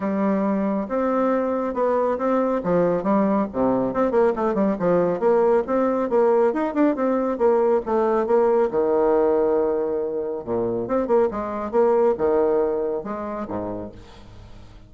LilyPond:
\new Staff \with { instrumentName = "bassoon" } { \time 4/4 \tempo 4 = 138 g2 c'2 | b4 c'4 f4 g4 | c4 c'8 ais8 a8 g8 f4 | ais4 c'4 ais4 dis'8 d'8 |
c'4 ais4 a4 ais4 | dis1 | ais,4 c'8 ais8 gis4 ais4 | dis2 gis4 gis,4 | }